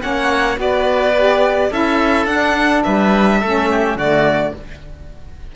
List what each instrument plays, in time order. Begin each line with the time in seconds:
0.00 cello A#3, saxophone C#4, oboe C#5, violin F#5
0.55 cello B3, saxophone F#4, oboe B4, violin D5
1.16 saxophone G4
1.70 cello C#4, saxophone E4, oboe A4, violin E5
2.26 cello D4, saxophone D4, violin F#5
2.83 cello G3, oboe B4, violin E5
3.40 cello A3, saxophone C#4, oboe A4
3.70 oboe G4
3.95 cello D3, saxophone A3, oboe F#4, violin D5